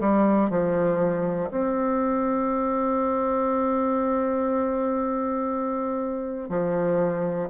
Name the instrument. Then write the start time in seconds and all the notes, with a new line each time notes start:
bassoon
0.00 G3
0.50 F3
1.50 C4
6.49 F3